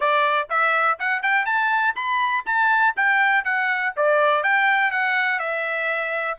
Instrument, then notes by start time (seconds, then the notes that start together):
trumpet
0.00 D5
0.49 E5
0.99 F#5
1.22 G5
1.45 A5
1.95 B5
2.46 A5
2.96 G5
3.44 F#5
3.96 D5
4.43 G5
4.91 F#5
5.39 E5